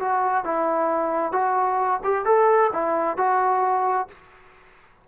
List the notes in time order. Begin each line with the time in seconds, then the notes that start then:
0.00 F#4
0.45 E4
1.33 F#4
2.05 G4
2.26 A4
2.73 E4
3.17 F#4